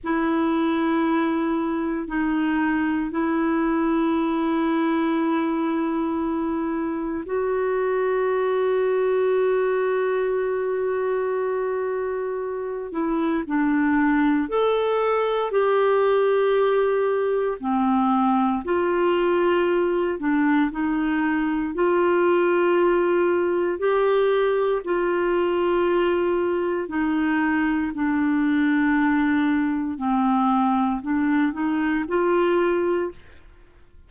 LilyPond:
\new Staff \with { instrumentName = "clarinet" } { \time 4/4 \tempo 4 = 58 e'2 dis'4 e'4~ | e'2. fis'4~ | fis'1~ | fis'8 e'8 d'4 a'4 g'4~ |
g'4 c'4 f'4. d'8 | dis'4 f'2 g'4 | f'2 dis'4 d'4~ | d'4 c'4 d'8 dis'8 f'4 | }